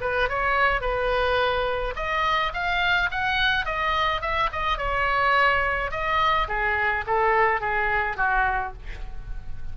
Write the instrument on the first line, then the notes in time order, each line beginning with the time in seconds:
oboe
0.00 B4
0.29 C#5
0.81 B4
1.96 D#5
2.53 F5
3.11 F#5
3.65 D#5
4.21 E5
4.52 D#5
4.77 C#5
5.90 D#5
6.48 G#4
7.06 A4
7.60 G#4
8.16 F#4